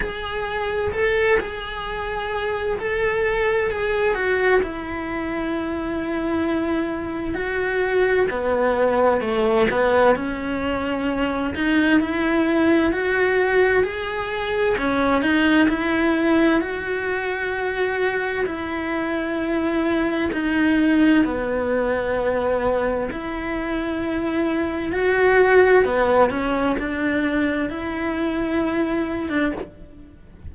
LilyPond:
\new Staff \with { instrumentName = "cello" } { \time 4/4 \tempo 4 = 65 gis'4 a'8 gis'4. a'4 | gis'8 fis'8 e'2. | fis'4 b4 a8 b8 cis'4~ | cis'8 dis'8 e'4 fis'4 gis'4 |
cis'8 dis'8 e'4 fis'2 | e'2 dis'4 b4~ | b4 e'2 fis'4 | b8 cis'8 d'4 e'4.~ e'16 d'16 | }